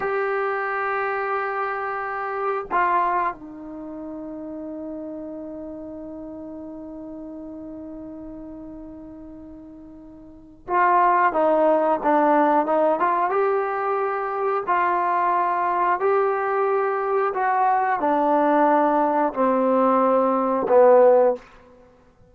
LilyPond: \new Staff \with { instrumentName = "trombone" } { \time 4/4 \tempo 4 = 90 g'1 | f'4 dis'2.~ | dis'1~ | dis'1 |
f'4 dis'4 d'4 dis'8 f'8 | g'2 f'2 | g'2 fis'4 d'4~ | d'4 c'2 b4 | }